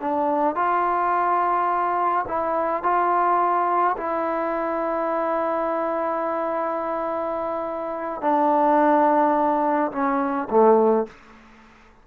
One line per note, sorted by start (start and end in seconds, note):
0.00 0.55 D4
0.55 2.25 F4
2.28 2.83 E4
2.83 3.96 F4
3.97 8.21 E4
8.22 9.91 D4
9.92 10.48 C#4
10.50 11.06 A3